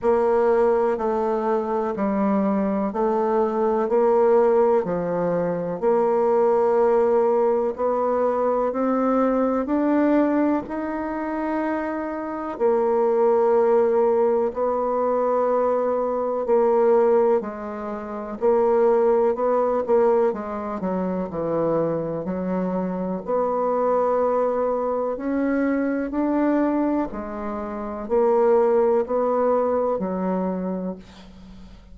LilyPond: \new Staff \with { instrumentName = "bassoon" } { \time 4/4 \tempo 4 = 62 ais4 a4 g4 a4 | ais4 f4 ais2 | b4 c'4 d'4 dis'4~ | dis'4 ais2 b4~ |
b4 ais4 gis4 ais4 | b8 ais8 gis8 fis8 e4 fis4 | b2 cis'4 d'4 | gis4 ais4 b4 fis4 | }